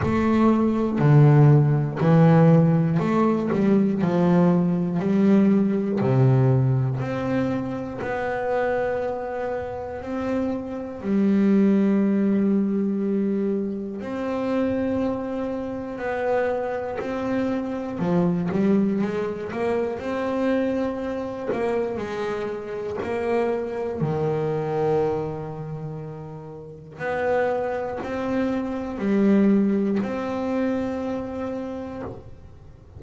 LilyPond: \new Staff \with { instrumentName = "double bass" } { \time 4/4 \tempo 4 = 60 a4 d4 e4 a8 g8 | f4 g4 c4 c'4 | b2 c'4 g4~ | g2 c'2 |
b4 c'4 f8 g8 gis8 ais8 | c'4. ais8 gis4 ais4 | dis2. b4 | c'4 g4 c'2 | }